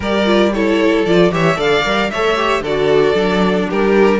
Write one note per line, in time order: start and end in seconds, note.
0.00 1.05 G3
0.00 0.25 G4
0.00 0.52 A#4
0.00 0.53 D5
0.25 0.51 F4
0.53 1.06 E4
0.53 1.32 A4
0.53 1.05 C#5
1.05 1.30 F3
1.05 1.31 F4
1.05 1.31 D5
1.30 1.57 E3
1.30 1.56 G4
1.30 1.57 C#5
1.30 1.60 E5
1.56 1.83 D3
1.56 1.82 A4
1.56 2.09 D5
1.56 2.10 F5
1.84 2.11 G3
1.84 2.11 A#4
2.10 2.60 A3
2.10 2.36 A4
2.10 2.62 C#5
2.10 2.62 E5
2.36 2.62 G4
2.60 3.13 D3
2.60 3.67 A4
2.60 3.69 D5
2.67 3.13 F#4
3.13 3.67 F#3
3.13 4.18 D4
3.69 4.19 G3
3.69 4.19 G4
3.69 4.19 A#4